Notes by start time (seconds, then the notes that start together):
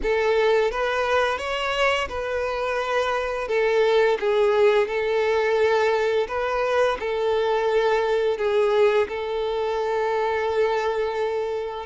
0.02 A4
0.71 B4
1.38 C#5
2.08 B4
3.48 A4
4.19 G#4
4.87 A4
6.28 B4
6.99 A4
8.37 G#4
9.08 A4